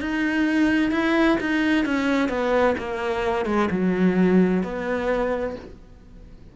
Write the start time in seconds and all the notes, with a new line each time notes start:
0.00 D#4
0.91 E4
1.40 D#4
1.85 C#4
2.28 B3
2.77 A#3
3.45 G#3
3.70 F#3
4.63 B3